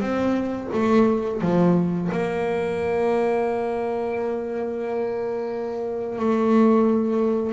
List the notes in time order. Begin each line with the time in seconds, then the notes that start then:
0.00 C4
0.73 A3
1.41 F3
2.11 A#3
6.19 A3